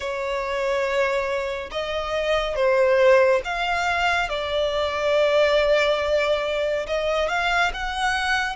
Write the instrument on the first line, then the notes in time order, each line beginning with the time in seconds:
violin
0.00 C#5
1.71 D#5
2.55 C5
3.44 F5
4.29 D5
6.86 D#5
7.28 F5
7.73 F#5